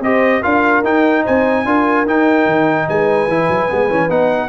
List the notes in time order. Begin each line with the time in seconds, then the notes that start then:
0.00 C4 G4 C5 D#5
0.41 D4 F4 A#4 F5
0.83 D#4 G5
1.23 C4 C5 G#5
1.65 D4 F4 A#4
2.06 D#4 G5
2.46 D#3
2.88 G#3 B4 G#5
3.28 E3 E4
3.49 F#3
3.69 G#3 B3
3.89 E3 C#4
4.09 B3 D#4 F#5